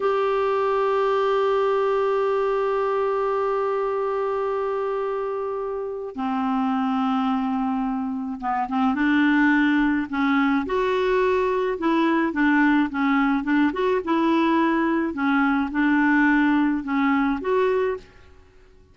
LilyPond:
\new Staff \with { instrumentName = "clarinet" } { \time 4/4 \tempo 4 = 107 g'1~ | g'1~ | g'2. c'4~ | c'2. b8 c'8 |
d'2 cis'4 fis'4~ | fis'4 e'4 d'4 cis'4 | d'8 fis'8 e'2 cis'4 | d'2 cis'4 fis'4 | }